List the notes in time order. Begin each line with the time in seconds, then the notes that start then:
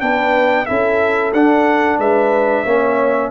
0.00 B3 D4 B4 G5
0.65 C#4 E4 A4 E5
1.32 D4 F#5
1.98 G#3 B4 E5
2.64 A#3 C#4 C#5